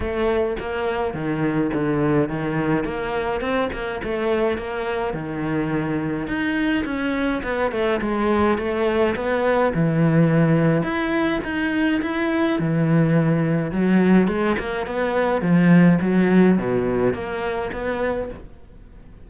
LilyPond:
\new Staff \with { instrumentName = "cello" } { \time 4/4 \tempo 4 = 105 a4 ais4 dis4 d4 | dis4 ais4 c'8 ais8 a4 | ais4 dis2 dis'4 | cis'4 b8 a8 gis4 a4 |
b4 e2 e'4 | dis'4 e'4 e2 | fis4 gis8 ais8 b4 f4 | fis4 b,4 ais4 b4 | }